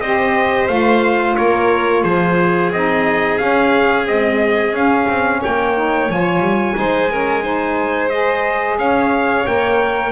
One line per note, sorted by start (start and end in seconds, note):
0.00 0.67 C4
0.00 0.69 G4
0.00 1.37 C5
0.00 0.68 D#5
0.68 1.36 A3
0.68 2.71 F4
0.68 1.35 F5
1.36 2.04 A#3
1.36 2.03 A#4
1.36 2.03 C#5
2.03 2.71 F3
2.03 5.40 G#4
2.03 2.71 C5
2.72 3.39 C4
2.72 3.39 D#4
2.72 3.38 D#5
3.38 4.05 C#4
3.38 4.07 C#4
3.38 4.06 F5
4.05 4.72 G#3
4.05 4.72 C4
4.05 4.75 D#5
4.72 5.06 C#4
4.72 5.76 C#4
4.72 5.43 F5
5.09 5.42 C4
5.41 6.09 A#3
5.41 6.76 C#5
5.41 6.11 G5
5.76 6.09 D#4
6.09 6.40 F3
6.09 6.75 F4
6.09 8.09 G#5
6.40 6.73 G3
6.75 8.78 G#3
6.75 7.09 D#4
6.75 7.11 C5
7.10 7.43 C#4
7.10 7.43 A#4
7.43 8.10 D#4
7.43 8.78 C5
8.09 9.46 G#4
8.09 8.77 D#5
8.78 9.45 C#4
8.78 10.12 C#5
8.78 9.46 F5
9.46 10.12 A#3
9.46 10.12 A#4
9.46 10.12 G5